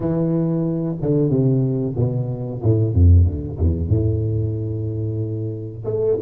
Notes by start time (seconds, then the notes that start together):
0.00 E3
1.01 D3
1.29 C3
1.96 B2
2.62 A2
2.93 F2
3.25 D2
3.58 E2
3.88 A2
5.84 A3